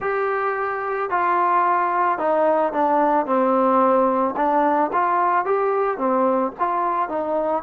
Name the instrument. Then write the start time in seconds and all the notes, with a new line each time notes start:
trombone
0.00 G4
1.10 F4
2.18 D#4
2.73 D4
3.25 C4
4.36 D4
4.92 F4
5.45 G4
5.97 C4
6.59 F4
7.09 D#4